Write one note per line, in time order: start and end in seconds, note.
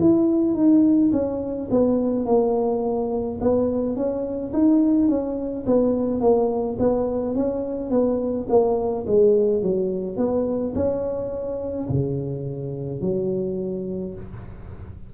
0.00 0.55 E4
0.55 1.11 D#4
1.12 1.69 C#4
1.70 2.25 B3
2.25 3.39 A#3
3.41 3.96 B3
3.96 4.52 C#4
4.53 5.08 D#4
5.08 5.65 C#4
5.66 6.21 B3
6.21 6.77 A#3
6.79 7.35 B3
7.35 7.90 C#4
7.90 8.47 B3
8.49 9.06 A#3
9.07 9.62 G#3
9.62 10.17 F#3
10.17 10.73 B3
10.75 11.88 C#4
11.89 13.01 C#3
13.01 14.14 F#3